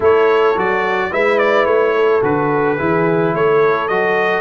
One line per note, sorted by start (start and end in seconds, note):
0.00 0.55 A3
0.00 0.55 E4
0.00 1.10 A4
0.00 0.58 C#5
0.56 1.12 F#3
0.56 1.11 F#4
0.56 1.13 D5
1.11 1.66 G#3
1.11 2.22 E4
1.11 1.94 B4
1.11 1.38 E5
1.38 1.66 D5
1.66 2.21 A3
1.66 2.21 C#5
1.94 2.77 A4
2.22 2.78 D3
2.22 2.77 F#4
2.22 3.35 B4
2.77 3.34 E3
2.77 3.89 E4
2.77 3.33 G#4
3.34 3.89 A3
3.34 4.40 A4
3.34 3.88 C#5
3.88 4.40 F#3
3.88 4.40 F#4
3.88 4.40 D#5